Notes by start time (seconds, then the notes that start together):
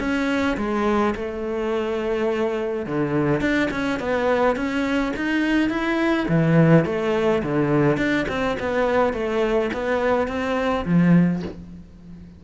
0.00 C#4
0.58 G#3
1.16 A3
2.86 D3
3.41 D4
3.71 C#4
4.00 B3
4.56 C#4
5.17 D#4
5.70 E4
6.29 E3
6.86 A3
7.43 D3
7.98 D4
8.29 C4
8.60 B3
9.14 A3
9.74 B3
10.28 C4
10.86 F3